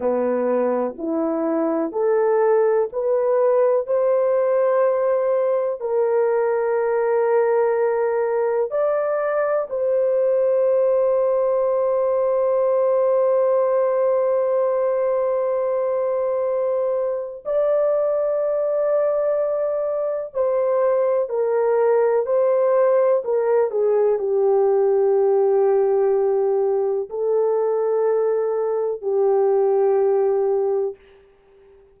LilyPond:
\new Staff \with { instrumentName = "horn" } { \time 4/4 \tempo 4 = 62 b4 e'4 a'4 b'4 | c''2 ais'2~ | ais'4 d''4 c''2~ | c''1~ |
c''2 d''2~ | d''4 c''4 ais'4 c''4 | ais'8 gis'8 g'2. | a'2 g'2 | }